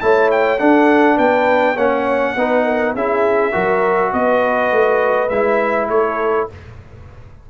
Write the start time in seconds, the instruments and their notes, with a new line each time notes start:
0.00 tuba A3, trombone E4, horn C#5, trumpet A5
0.31 trumpet G5
0.58 trombone D4, tuba D4, horn A4, trumpet F#5
1.16 tuba B3, horn B4, trumpet G5
1.75 tuba A#3, trombone C#4, horn C#5, trumpet F#5
2.36 tuba B3, trombone D#4, horn B4
2.64 horn A#4
2.94 tuba C#4, trombone E4, horn G#4, trumpet E5
3.52 tuba F#3, trombone F#4, horn A#4
4.13 tuba B3, horn B4, trumpet D#5
4.71 tuba A3
5.29 tuba G#3, trombone E4, trumpet E5
5.88 tuba A3, horn A4, trumpet C#5